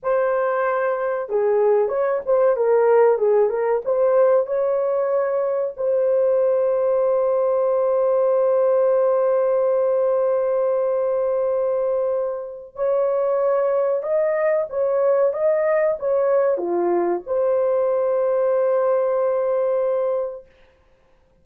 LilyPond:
\new Staff \with { instrumentName = "horn" } { \time 4/4 \tempo 4 = 94 c''2 gis'4 cis''8 c''8 | ais'4 gis'8 ais'8 c''4 cis''4~ | cis''4 c''2.~ | c''1~ |
c''1 | cis''2 dis''4 cis''4 | dis''4 cis''4 f'4 c''4~ | c''1 | }